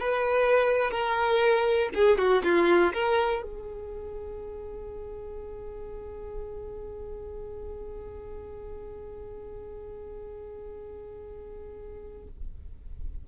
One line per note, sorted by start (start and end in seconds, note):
0.00 0.91 B4
0.91 1.90 A#4
1.95 2.19 G#4
2.19 2.43 F#4
2.44 2.93 F4
2.94 3.43 A#4
3.43 12.28 G#4